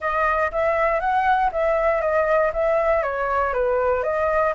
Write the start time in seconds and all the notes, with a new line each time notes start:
0.00 D#5
0.51 E5
1.00 F#5
1.52 E5
2.01 D#5
2.53 E5
3.02 C#5
3.53 B4
4.03 D#5